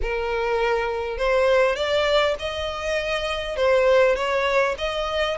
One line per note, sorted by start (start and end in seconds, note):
0.01 1.17 A#4
1.17 1.75 C5
1.75 2.35 D5
2.39 3.56 D#5
3.56 4.15 C5
4.15 4.75 C#5
4.78 5.37 D#5